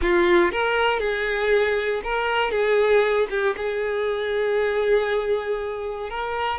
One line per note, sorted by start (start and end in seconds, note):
0.01 0.51 F4
0.51 0.99 A#4
0.99 2.01 G#4
2.03 2.51 A#4
2.51 3.27 G#4
3.29 3.55 G4
3.57 6.10 G#4
6.10 6.58 A#4